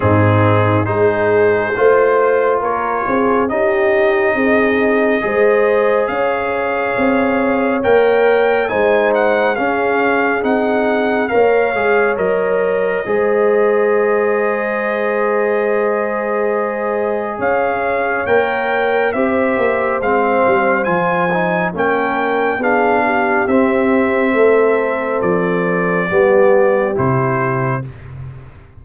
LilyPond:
<<
  \new Staff \with { instrumentName = "trumpet" } { \time 4/4 \tempo 4 = 69 gis'4 c''2 cis''4 | dis''2. f''4~ | f''4 g''4 gis''8 fis''8 f''4 | fis''4 f''4 dis''2~ |
dis''1 | f''4 g''4 e''4 f''4 | gis''4 g''4 f''4 e''4~ | e''4 d''2 c''4 | }
  \new Staff \with { instrumentName = "horn" } { \time 4/4 dis'4 gis'4 c''4 ais'8 gis'8 | g'4 gis'4 c''4 cis''4~ | cis''2 c''4 gis'4~ | gis'4 cis''2 c''4~ |
c''1 | cis''2 c''2~ | c''4 ais'4 gis'8 g'4. | a'2 g'2 | }
  \new Staff \with { instrumentName = "trombone" } { \time 4/4 c'4 dis'4 f'2 | dis'2 gis'2~ | gis'4 ais'4 dis'4 cis'4 | dis'4 ais'8 gis'8 ais'4 gis'4~ |
gis'1~ | gis'4 ais'4 g'4 c'4 | f'8 dis'8 cis'4 d'4 c'4~ | c'2 b4 e'4 | }
  \new Staff \with { instrumentName = "tuba" } { \time 4/4 gis,4 gis4 a4 ais8 c'8 | cis'4 c'4 gis4 cis'4 | c'4 ais4 gis4 cis'4 | c'4 ais8 gis8 fis4 gis4~ |
gis1 | cis'4 ais4 c'8 ais8 gis8 g8 | f4 ais4 b4 c'4 | a4 f4 g4 c4 | }
>>